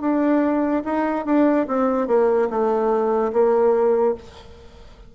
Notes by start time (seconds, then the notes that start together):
0.00 D4
0.84 D#4
1.25 D4
1.67 C4
2.07 A#3
2.49 A3
3.32 A#3